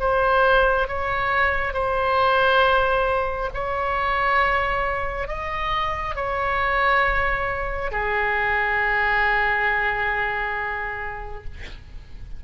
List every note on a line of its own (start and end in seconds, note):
0.00 0.88 C5
0.88 1.73 C#5
1.73 3.50 C5
3.54 5.28 C#5
5.28 6.16 D#5
6.16 7.92 C#5
7.92 11.45 G#4